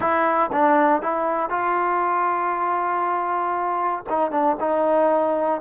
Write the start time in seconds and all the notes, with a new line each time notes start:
0.00 E4
0.52 D4
1.02 E4
1.49 F4
4.09 D#4
4.31 D4
4.59 D#4